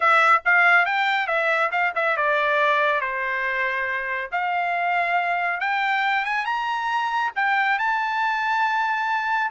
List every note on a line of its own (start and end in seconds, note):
0.00 0.42 E5
0.45 0.85 F5
0.85 1.27 G5
1.27 1.70 E5
1.71 1.93 F5
1.95 2.17 E5
2.17 3.00 D5
3.00 4.30 C5
4.31 5.60 F5
5.60 6.25 G5
6.25 6.45 G#5
6.45 7.31 A#5
7.35 7.78 G5
7.79 9.51 A5